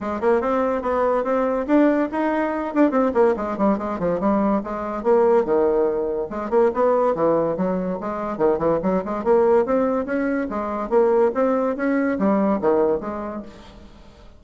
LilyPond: \new Staff \with { instrumentName = "bassoon" } { \time 4/4 \tempo 4 = 143 gis8 ais8 c'4 b4 c'4 | d'4 dis'4. d'8 c'8 ais8 | gis8 g8 gis8 f8 g4 gis4 | ais4 dis2 gis8 ais8 |
b4 e4 fis4 gis4 | dis8 e8 fis8 gis8 ais4 c'4 | cis'4 gis4 ais4 c'4 | cis'4 g4 dis4 gis4 | }